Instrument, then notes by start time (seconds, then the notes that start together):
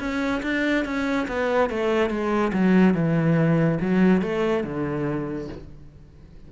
cello
0.00 C#4
0.43 D4
0.85 C#4
1.28 B3
1.70 A3
2.10 G#3
2.54 F#3
2.95 E3
3.81 F#3
4.22 A3
4.64 D3